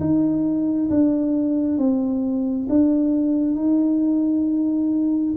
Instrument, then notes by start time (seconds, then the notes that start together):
tuba
0.00 D#4
0.90 D4
1.78 C4
2.69 D4
3.55 D#4